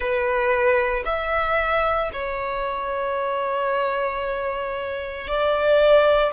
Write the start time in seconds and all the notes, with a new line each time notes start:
0.00 B4
1.05 E5
2.12 C#5
5.27 D5